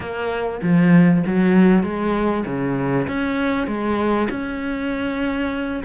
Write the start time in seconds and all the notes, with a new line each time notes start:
0.00 A#3
0.62 F3
1.26 F#3
1.83 G#3
2.45 C#3
3.07 C#4
3.67 G#3
4.30 C#4